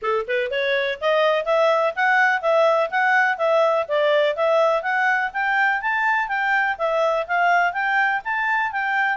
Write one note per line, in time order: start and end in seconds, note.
0.01 0.26 A4
0.27 0.50 B4
0.50 0.99 C#5
1.01 1.45 D#5
1.45 1.93 E5
1.95 2.41 F#5
2.41 2.89 E5
2.90 3.37 F#5
3.37 3.86 E5
3.88 4.35 D5
4.35 4.82 E5
4.82 5.30 F#5
5.33 5.81 G5
5.81 6.27 A5
6.27 6.76 G5
6.78 7.26 E5
7.27 7.73 F5
7.73 8.21 G5
8.24 8.72 A5
8.72 9.17 G5